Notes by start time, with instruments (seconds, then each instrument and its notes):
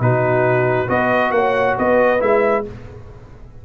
0.00 tuba B2, trombone D#4, horn F#4, trumpet B4
0.88 tuba B3, trombone F#4, horn B4, trumpet D#5
1.31 tuba A#3, horn C#5, trumpet F#5
1.78 tuba B3, horn B4, trumpet D#5
2.20 tuba G#3, trombone E4, trumpet E5